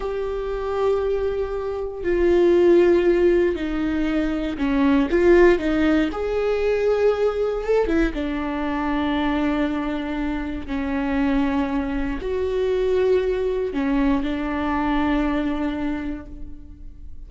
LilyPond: \new Staff \with { instrumentName = "viola" } { \time 4/4 \tempo 4 = 118 g'1 | f'2. dis'4~ | dis'4 cis'4 f'4 dis'4 | gis'2. a'8 e'8 |
d'1~ | d'4 cis'2. | fis'2. cis'4 | d'1 | }